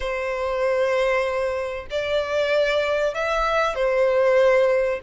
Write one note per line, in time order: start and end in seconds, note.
0.00 1.87 C5
1.90 3.14 D5
3.14 3.75 E5
3.75 5.00 C5